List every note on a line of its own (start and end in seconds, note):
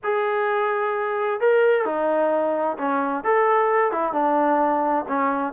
0.03 1.40 G#4
1.40 1.85 A#4
1.85 2.77 D#4
2.77 3.23 C#4
3.24 3.91 A4
3.91 4.12 E4
4.12 5.05 D4
5.08 5.53 C#4